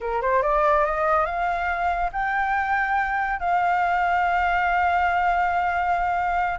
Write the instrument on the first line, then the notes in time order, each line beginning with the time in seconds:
flute
0.00 A#4
0.21 C5
0.42 D5
0.85 D#5
1.25 F5
2.12 G5
3.39 F5